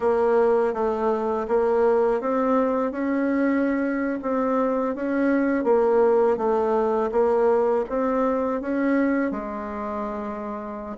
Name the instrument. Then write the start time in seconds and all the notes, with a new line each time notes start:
bassoon
0.00 A#3
0.73 A3
1.47 A#3
2.21 C4
2.91 C#4
4.21 C4
4.95 C#4
5.63 A#3
6.37 A3
7.11 A#3
7.89 C4
8.61 C#4
9.31 G#3